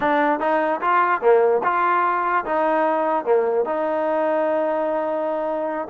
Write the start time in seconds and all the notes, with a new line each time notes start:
0.00 D4
0.39 D#4
0.81 F4
1.21 A#3
1.63 F4
2.45 D#4
3.24 A#3
3.65 D#4